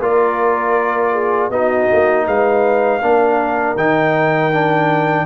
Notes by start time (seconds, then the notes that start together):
0.00 A#3 F4 A#4 D5
1.13 G#4
1.50 B3 D#4 F#4 D#5
1.92 A#3
2.27 G#3 B4 F5
3.02 A#3 D4 A#4
3.76 D#3 D#4 G5
4.53 D4